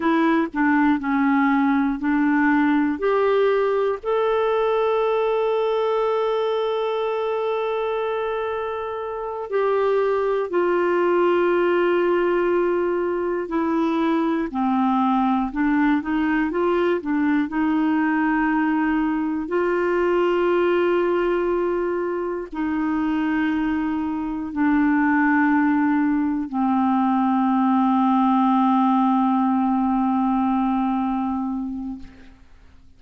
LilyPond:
\new Staff \with { instrumentName = "clarinet" } { \time 4/4 \tempo 4 = 60 e'8 d'8 cis'4 d'4 g'4 | a'1~ | a'4. g'4 f'4.~ | f'4. e'4 c'4 d'8 |
dis'8 f'8 d'8 dis'2 f'8~ | f'2~ f'8 dis'4.~ | dis'8 d'2 c'4.~ | c'1 | }